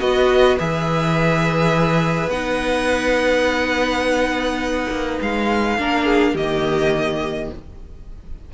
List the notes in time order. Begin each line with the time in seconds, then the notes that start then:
0.00 B3 F#4 B4 D#5
0.58 E3 G#4 E5
2.28 B3 D#4 F#5
4.90 A#3
5.22 G#3 F5
5.78 A#3 D4 A#4
6.05 G#4
6.34 D#3 A#3 G4 D#5